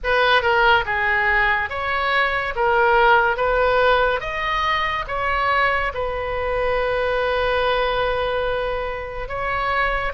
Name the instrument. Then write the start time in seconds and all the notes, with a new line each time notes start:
oboe
0.03 B4
0.41 A#4
0.85 G#4
1.69 C#5
2.55 A#4
3.36 B4
4.20 D#5
5.07 C#5
5.94 B4
9.28 C#5